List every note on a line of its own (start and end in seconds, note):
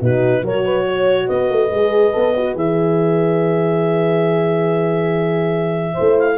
0.00 0.43 B2
0.00 0.44 D#4
0.00 0.43 F#4
0.00 0.46 B4
0.43 1.28 F#3
0.43 1.71 F#4
0.43 0.64 A#4
0.43 1.28 C#5
0.64 0.86 B4
0.87 1.27 C#5
1.27 1.50 B3
1.27 5.94 B4
1.27 2.55 D#5
1.50 1.71 A3
1.71 2.13 G#3
1.71 2.13 G#4
2.13 2.55 B3
2.13 2.34 A4
2.37 2.56 F#4
2.55 5.95 E3
2.55 5.96 G#4
2.55 6.19 E5
5.94 6.38 E4
5.94 6.36 C5
6.00 6.38 A3
6.19 6.38 F5